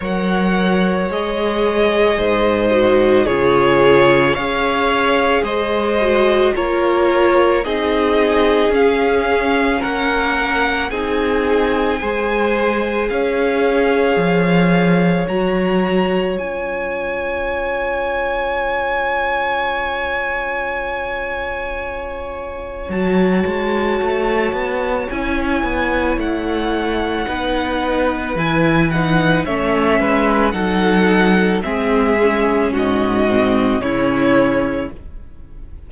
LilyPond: <<
  \new Staff \with { instrumentName = "violin" } { \time 4/4 \tempo 4 = 55 fis''4 dis''2 cis''4 | f''4 dis''4 cis''4 dis''4 | f''4 fis''4 gis''2 | f''2 ais''4 gis''4~ |
gis''1~ | gis''4 a''2 gis''4 | fis''2 gis''8 fis''8 e''4 | fis''4 e''4 dis''4 cis''4 | }
  \new Staff \with { instrumentName = "violin" } { \time 4/4 cis''2 c''4 gis'4 | cis''4 c''4 ais'4 gis'4~ | gis'4 ais'4 gis'4 c''4 | cis''1~ |
cis''1~ | cis''1~ | cis''4 b'2 cis''8 b'8 | a'4 gis'4 fis'4 e'4 | }
  \new Staff \with { instrumentName = "viola" } { \time 4/4 ais'4 gis'4. fis'8 f'4 | gis'4. fis'8 f'4 dis'4 | cis'2 dis'4 gis'4~ | gis'2 fis'4 f'4~ |
f'1~ | f'4 fis'2 e'4~ | e'4 dis'4 e'8 dis'8 cis'4 | dis'4 c'8 cis'4 c'8 cis'4 | }
  \new Staff \with { instrumentName = "cello" } { \time 4/4 fis4 gis4 gis,4 cis4 | cis'4 gis4 ais4 c'4 | cis'4 ais4 c'4 gis4 | cis'4 f4 fis4 cis'4~ |
cis'1~ | cis'4 fis8 gis8 a8 b8 cis'8 b8 | a4 b4 e4 a8 gis8 | fis4 gis4 gis,4 cis4 | }
>>